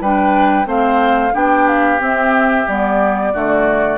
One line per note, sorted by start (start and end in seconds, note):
0.00 0.66 G3
0.00 0.65 D4
0.00 0.67 B4
0.00 0.68 G5
0.65 1.32 A3
0.65 1.31 C4
0.65 1.33 C5
0.65 1.35 F5
1.32 2.00 B3
1.32 1.98 D4
1.32 3.33 G4
1.32 1.68 G5
1.68 2.01 F5
1.98 2.65 C4
1.98 2.66 C4
1.98 2.68 E5
2.68 3.34 G3
2.68 3.33 B3
2.68 3.98 D5
3.33 3.98 D3
3.33 3.98 A3
3.33 3.98 F#4